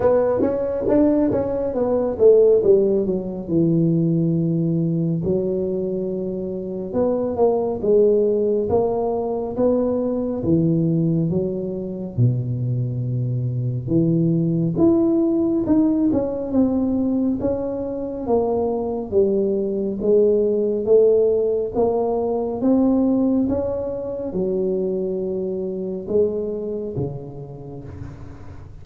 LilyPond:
\new Staff \with { instrumentName = "tuba" } { \time 4/4 \tempo 4 = 69 b8 cis'8 d'8 cis'8 b8 a8 g8 fis8 | e2 fis2 | b8 ais8 gis4 ais4 b4 | e4 fis4 b,2 |
e4 e'4 dis'8 cis'8 c'4 | cis'4 ais4 g4 gis4 | a4 ais4 c'4 cis'4 | fis2 gis4 cis4 | }